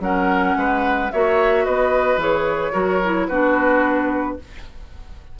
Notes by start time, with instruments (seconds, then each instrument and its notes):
0.00 bassoon F#3, clarinet C#4, oboe A#4, flute F#5
0.56 bassoon G#3, oboe B4
1.11 bassoon A#3, clarinet F#4, oboe C#5, flute E5
1.64 bassoon B3, oboe B4, flute D#5
2.17 bassoon E3, clarinet G#4, flute C#5
2.72 bassoon F#3, clarinet F#4, oboe A#4
3.04 clarinet E4
3.27 bassoon B3, clarinet D4, oboe F#4, flute B4